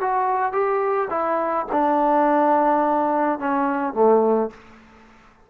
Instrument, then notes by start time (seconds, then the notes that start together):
trombone
0.00 F#4
0.52 G4
1.09 E4
1.72 D4
3.39 C#4
3.93 A3